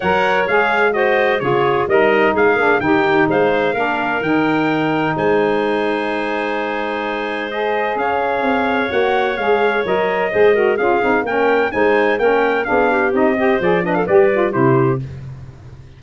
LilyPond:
<<
  \new Staff \with { instrumentName = "trumpet" } { \time 4/4 \tempo 4 = 128 fis''4 f''4 dis''4 cis''4 | dis''4 f''4 g''4 f''4~ | f''4 g''2 gis''4~ | gis''1 |
dis''4 f''2 fis''4 | f''4 dis''2 f''4 | g''4 gis''4 g''4 f''4 | dis''4 d''8 dis''16 f''16 d''4 c''4 | }
  \new Staff \with { instrumentName = "clarinet" } { \time 4/4 cis''2 c''4 gis'4 | ais'4 gis'4 g'4 c''4 | ais'2. c''4~ | c''1~ |
c''4 cis''2.~ | cis''2 c''8 ais'8 gis'4 | ais'4 c''4 ais'4 gis'8 g'8~ | g'8 c''4 b'16 a'16 b'4 g'4 | }
  \new Staff \with { instrumentName = "saxophone" } { \time 4/4 ais'4 gis'4 fis'4 f'4 | dis'4. d'8 dis'2 | d'4 dis'2.~ | dis'1 |
gis'2. fis'4 | gis'4 ais'4 gis'8 fis'8 f'8 dis'8 | cis'4 dis'4 cis'4 d'4 | dis'8 g'8 gis'8 d'8 g'8 f'8 e'4 | }
  \new Staff \with { instrumentName = "tuba" } { \time 4/4 fis4 gis2 cis4 | g4 gis8 ais8 dis4 gis4 | ais4 dis2 gis4~ | gis1~ |
gis4 cis'4 c'4 ais4 | gis4 fis4 gis4 cis'8 c'8 | ais4 gis4 ais4 b4 | c'4 f4 g4 c4 | }
>>